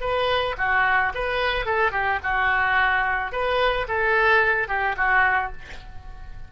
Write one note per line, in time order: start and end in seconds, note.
0.00 0.55 B4
0.57 1.12 F#4
1.14 1.65 B4
1.65 1.91 A4
1.91 2.19 G4
2.23 3.32 F#4
3.32 3.87 B4
3.88 4.68 A4
4.68 4.95 G4
4.96 5.51 F#4